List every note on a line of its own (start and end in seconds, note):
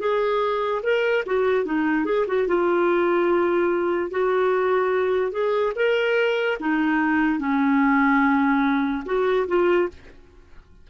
0.00 0.82 G#4
0.83 1.24 A#4
1.27 1.66 F#4
1.66 2.05 D#4
2.05 2.26 G#4
2.28 2.48 F#4
2.48 4.11 F4
4.11 5.32 F#4
5.32 5.73 G#4
5.76 6.58 A#4
6.60 7.40 D#4
7.40 9.04 C#4
9.06 9.47 F#4
9.48 9.89 F4